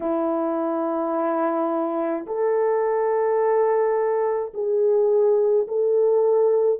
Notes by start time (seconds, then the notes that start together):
0.00 E4
2.26 A4
4.53 G#4
5.67 A4